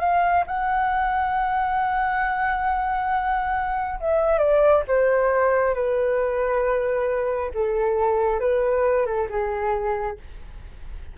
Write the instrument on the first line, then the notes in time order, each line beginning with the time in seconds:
flute
0.00 F5
0.47 F#5
4.00 E5
4.38 D5
4.88 C5
5.75 B4
7.54 A4
8.40 B4
9.06 A4
9.30 G#4